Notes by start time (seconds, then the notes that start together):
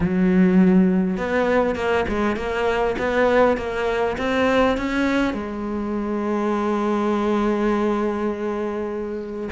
0.00 F#3
1.17 B3
1.75 A#3
2.08 G#3
2.36 A#3
2.98 B3
3.57 A#3
4.17 C4
4.77 C#4
5.33 G#3